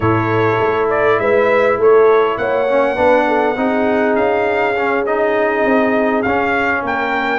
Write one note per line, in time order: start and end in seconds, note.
0.00 0.56 A2
0.00 2.68 E4
0.00 1.18 A4
0.00 0.89 C#5
0.60 1.19 A3
0.89 1.19 D5
1.19 1.77 G#3
1.19 1.78 B4
1.19 1.79 E5
1.77 2.37 A3
1.77 2.37 A4
1.77 2.37 C#5
2.37 2.97 A#3
2.37 2.95 C#5
2.37 4.15 F#5
2.68 2.96 C#4
2.95 3.57 B3
2.95 3.55 D4
2.95 3.25 B4
3.27 3.57 A4
3.56 4.15 C4
3.56 4.75 D#4
3.56 6.83 G#4
4.15 5.64 C#4
4.15 5.04 F5
4.76 5.06 C#4
5.05 6.25 D#4
5.05 6.22 D#5
5.64 6.24 C4
6.22 6.82 C#4
6.22 7.38 C#4
6.22 6.81 F5
6.82 7.38 A#3
6.82 7.38 A#4
6.82 7.38 G5